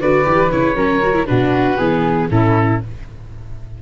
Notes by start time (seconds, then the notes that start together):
0.00 D3 F#4 B4 D5
0.24 E3 G4
0.52 C#3 E4 C#5
0.76 F#3 C#4 A#4
1.03 F#4
1.15 E4
1.26 B2 D4 F#4 B4
1.78 E3 B3 G#4
2.30 A2 C#4 E4 A4